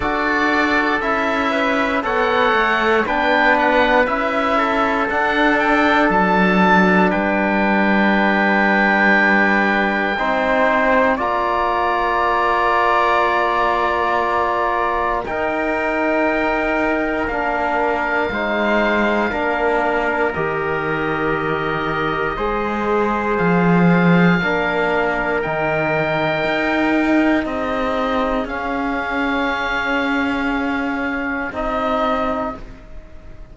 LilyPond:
<<
  \new Staff \with { instrumentName = "oboe" } { \time 4/4 \tempo 4 = 59 d''4 e''4 fis''4 g''8 fis''8 | e''4 fis''8 g''8 a''4 g''4~ | g''2. ais''4~ | ais''2. g''4~ |
g''4 f''2. | dis''2. f''4~ | f''4 g''2 dis''4 | f''2. dis''4 | }
  \new Staff \with { instrumentName = "trumpet" } { \time 4/4 a'4. b'8 cis''4 b'4~ | b'8 a'2~ a'8 b'4~ | b'2 c''4 d''4~ | d''2. ais'4~ |
ais'2 c''4 ais'4~ | ais'2 c''2 | ais'2. gis'4~ | gis'1 | }
  \new Staff \with { instrumentName = "trombone" } { \time 4/4 fis'4 e'4 a'4 d'4 | e'4 d'2.~ | d'2 dis'4 f'4~ | f'2. dis'4~ |
dis'4 d'4 dis'4 d'4 | g'2 gis'2 | d'4 dis'2. | cis'2. dis'4 | }
  \new Staff \with { instrumentName = "cello" } { \time 4/4 d'4 cis'4 b8 a8 b4 | cis'4 d'4 fis4 g4~ | g2 c'4 ais4~ | ais2. dis'4~ |
dis'4 ais4 gis4 ais4 | dis2 gis4 f4 | ais4 dis4 dis'4 c'4 | cis'2. c'4 | }
>>